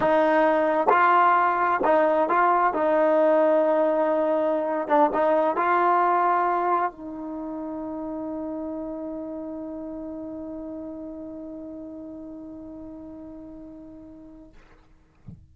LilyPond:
\new Staff \with { instrumentName = "trombone" } { \time 4/4 \tempo 4 = 132 dis'2 f'2 | dis'4 f'4 dis'2~ | dis'2~ dis'8. d'8 dis'8.~ | dis'16 f'2. dis'8.~ |
dis'1~ | dis'1~ | dis'1~ | dis'1 | }